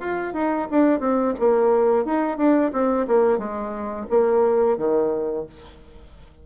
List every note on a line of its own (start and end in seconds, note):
0.00 0.34 F4
0.34 0.68 D#4
0.71 1.00 D4
1.00 1.34 C4
1.40 2.05 A#3
2.05 2.38 D#4
2.38 2.72 D4
2.73 3.07 C4
3.07 3.38 A#3
3.38 4.07 G#3
4.10 4.78 A#3
4.78 5.46 D#3